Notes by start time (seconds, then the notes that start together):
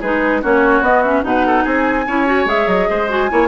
0.00 G#3 D#4 G#4 B4
0.42 A#3 C#4 F#4 C#5
0.81 B3 D#5
1.03 C#4 E5
1.23 B2 D#4 B4 F#5
1.46 A4
1.64 C4 G#4 G#5
2.07 C#4 E4 C#5
2.26 F#4
2.45 G#3 G#4 E5
2.67 F#3 D#5
2.90 G#3 C5
3.09 F#4 G#5
3.30 A#3 E4 C#5